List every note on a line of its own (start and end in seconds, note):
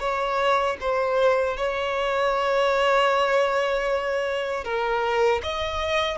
0.00 0.77 C#5
0.80 1.57 C5
1.57 4.64 C#5
4.64 5.41 A#4
5.43 6.18 D#5